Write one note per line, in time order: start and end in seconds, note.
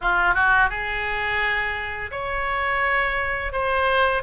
0.01 0.34 F4
0.34 0.69 F#4
0.69 2.10 G#4
2.11 3.52 C#5
3.52 4.23 C5